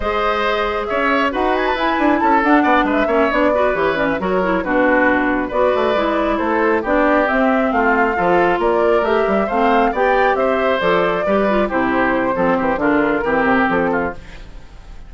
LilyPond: <<
  \new Staff \with { instrumentName = "flute" } { \time 4/4 \tempo 4 = 136 dis''2 e''4 fis''8 gis''16 a''16 | gis''4 a''8 fis''4 e''4 d''8~ | d''8 cis''8 d''16 e''16 cis''4 b'4.~ | b'8 d''2 c''4 d''8~ |
d''8 e''4 f''2 d''8~ | d''8 e''4 f''4 g''4 e''8~ | e''8 d''2 c''4.~ | c''4 ais'2 a'4 | }
  \new Staff \with { instrumentName = "oboe" } { \time 4/4 c''2 cis''4 b'4~ | b'4 a'4 d''8 b'8 cis''4 | b'4. ais'4 fis'4.~ | fis'8 b'2 a'4 g'8~ |
g'4. f'4 a'4 ais'8~ | ais'4. c''4 d''4 c''8~ | c''4. b'4 g'4. | a'8 g'8 f'4 g'4. f'8 | }
  \new Staff \with { instrumentName = "clarinet" } { \time 4/4 gis'2. fis'4 | e'4. d'4. cis'8 d'8 | fis'8 g'8 cis'8 fis'8 e'8 d'4.~ | d'8 fis'4 e'2 d'8~ |
d'8 c'2 f'4.~ | f'8 g'4 c'4 g'4.~ | g'8 a'4 g'8 f'8 e'4. | c'4 d'4 c'2 | }
  \new Staff \with { instrumentName = "bassoon" } { \time 4/4 gis2 cis'4 dis'4 | e'8 d'8 cis'8 d'8 b8 gis8 ais8 b8~ | b8 e4 fis4 b,4.~ | b,8 b8 a8 gis4 a4 b8~ |
b8 c'4 a4 f4 ais8~ | ais8 a8 g8 a4 b4 c'8~ | c'8 f4 g4 c4. | f8 e8 d4 e8 c8 f4 | }
>>